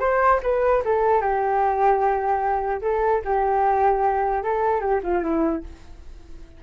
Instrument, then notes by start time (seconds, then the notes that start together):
flute
0.00 C5
0.43 B4
0.85 A4
1.21 G4
2.81 A4
3.25 G4
4.43 A4
4.81 G4
5.03 F4
5.23 E4